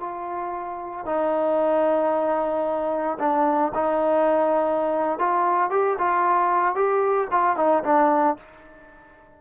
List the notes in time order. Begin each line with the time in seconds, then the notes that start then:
0.00 F4
1.06 D#4
3.20 D4
3.74 D#4
5.19 F4
5.71 G4
5.99 F4
6.75 G4
7.31 F4
7.57 D#4
7.84 D4